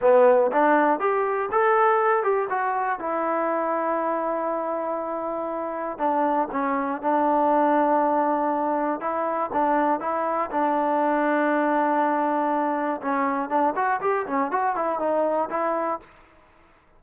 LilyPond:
\new Staff \with { instrumentName = "trombone" } { \time 4/4 \tempo 4 = 120 b4 d'4 g'4 a'4~ | a'8 g'8 fis'4 e'2~ | e'1 | d'4 cis'4 d'2~ |
d'2 e'4 d'4 | e'4 d'2.~ | d'2 cis'4 d'8 fis'8 | g'8 cis'8 fis'8 e'8 dis'4 e'4 | }